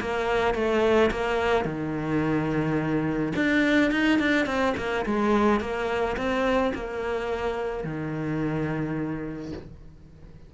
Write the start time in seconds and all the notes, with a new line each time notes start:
0.00 A#3
0.54 A3
1.11 A#3
1.64 D#3
3.35 D4
3.91 D#4
4.19 D4
4.46 C4
4.77 A#3
5.05 G#3
5.60 A#3
6.17 C4
6.74 A#3
7.84 D#3